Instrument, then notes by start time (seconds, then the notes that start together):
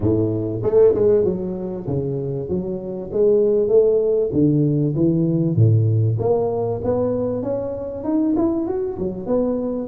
tuba
0.00 A2
0.62 A3
0.94 G#3
1.24 F#3
1.86 C#3
2.48 F#3
3.12 G#3
3.68 A3
4.32 D3
4.95 E3
5.55 A2
6.19 A#3
6.84 B3
7.42 C#4
8.04 D#4
8.36 E4
8.66 F#4
8.99 F#3
9.26 B3